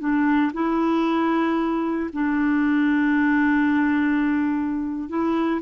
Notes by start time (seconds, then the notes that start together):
0.00 D4
0.54 E4
2.13 D4
5.09 E4